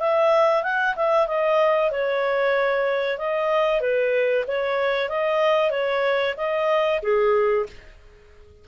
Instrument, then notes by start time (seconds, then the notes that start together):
clarinet
0.00 E5
0.63 F#5
0.96 E5
1.27 D#5
1.91 C#5
3.18 D#5
3.81 B4
4.47 C#5
5.09 D#5
5.71 C#5
6.37 D#5
7.02 G#4